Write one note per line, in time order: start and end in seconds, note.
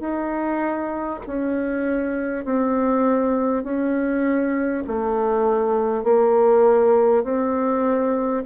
0.00 1.20 D#4
1.27 2.44 C#4
2.44 3.63 C4
3.63 4.83 C#4
4.87 6.03 A3
6.03 7.23 A#3
7.23 8.43 C4